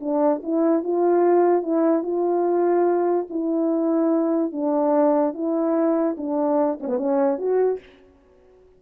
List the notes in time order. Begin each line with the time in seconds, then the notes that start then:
0.00 D4
0.42 E4
0.83 F4
1.62 E4
2.03 F4
3.30 E4
4.52 D4
5.33 E4
6.17 D4
6.80 C#4
6.87 B3
6.97 C#4
7.38 F#4